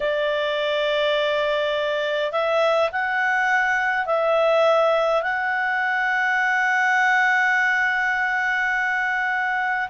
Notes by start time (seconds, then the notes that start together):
0.00 D5
2.31 E5
2.92 F#5
4.05 E5
5.22 F#5